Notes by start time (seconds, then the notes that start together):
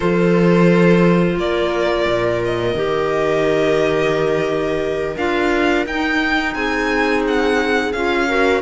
0.00 F3 F4 A4 C5
1.36 A#3 A#4 D5
2.06 A#2
2.44 D#5
2.74 D#3 G4
5.16 D4 F4 F5
5.86 D#4 G5
6.53 C4 G#4 G#5
7.27 F#5
7.92 C#4 F4 F5
8.27 F#4 A#4